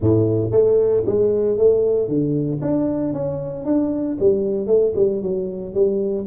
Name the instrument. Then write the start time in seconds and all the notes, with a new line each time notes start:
tuba
0.00 A2
0.51 A3
1.06 G#3
1.57 A3
2.08 D3
2.61 D4
3.13 C#4
3.65 D4
4.20 G3
4.66 A3
4.95 G3
5.22 F#3
5.74 G3